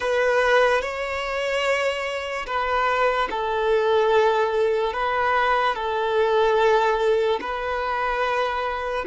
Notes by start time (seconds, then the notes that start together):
0.00 B4
0.81 C#5
2.46 B4
3.30 A4
4.93 B4
5.75 A4
7.40 B4